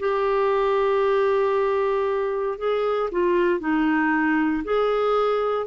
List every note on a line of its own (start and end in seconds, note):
0.00 2.59 G4
2.59 3.10 G#4
3.12 3.60 F4
3.60 4.64 D#4
4.65 5.67 G#4